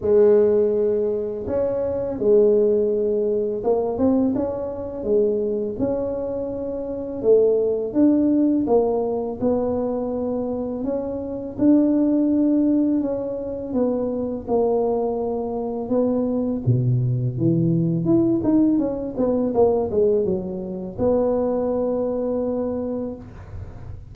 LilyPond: \new Staff \with { instrumentName = "tuba" } { \time 4/4 \tempo 4 = 83 gis2 cis'4 gis4~ | gis4 ais8 c'8 cis'4 gis4 | cis'2 a4 d'4 | ais4 b2 cis'4 |
d'2 cis'4 b4 | ais2 b4 b,4 | e4 e'8 dis'8 cis'8 b8 ais8 gis8 | fis4 b2. | }